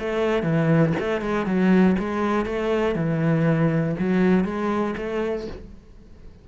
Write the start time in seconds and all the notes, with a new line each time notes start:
0.00 A3
0.43 E3
1.00 A3
1.22 G#3
1.46 F#3
1.99 G#3
2.46 A3
2.96 E3
4.00 F#3
4.45 G#3
4.97 A3